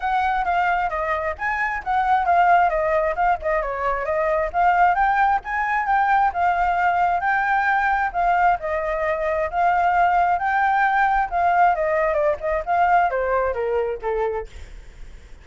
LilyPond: \new Staff \with { instrumentName = "flute" } { \time 4/4 \tempo 4 = 133 fis''4 f''4 dis''4 gis''4 | fis''4 f''4 dis''4 f''8 dis''8 | cis''4 dis''4 f''4 g''4 | gis''4 g''4 f''2 |
g''2 f''4 dis''4~ | dis''4 f''2 g''4~ | g''4 f''4 dis''4 d''8 dis''8 | f''4 c''4 ais'4 a'4 | }